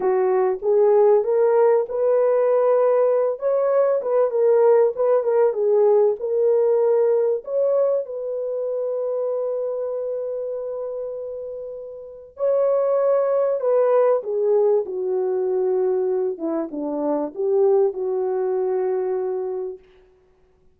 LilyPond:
\new Staff \with { instrumentName = "horn" } { \time 4/4 \tempo 4 = 97 fis'4 gis'4 ais'4 b'4~ | b'4. cis''4 b'8 ais'4 | b'8 ais'8 gis'4 ais'2 | cis''4 b'2.~ |
b'1 | cis''2 b'4 gis'4 | fis'2~ fis'8 e'8 d'4 | g'4 fis'2. | }